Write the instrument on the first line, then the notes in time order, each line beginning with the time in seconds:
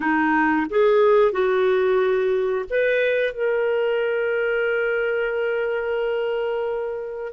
clarinet
0.00 D#4
0.70 G#4
1.32 F#4
2.69 B4
3.33 A#4